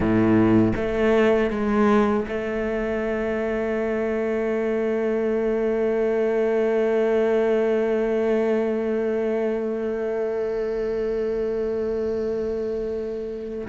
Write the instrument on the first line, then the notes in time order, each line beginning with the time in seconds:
cello
0.00 A2
0.76 A3
1.50 G#3
2.28 A3